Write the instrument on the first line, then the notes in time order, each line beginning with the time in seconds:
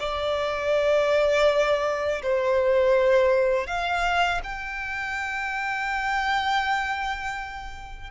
violin
0.00 D5
2.23 C5
3.67 F5
4.44 G5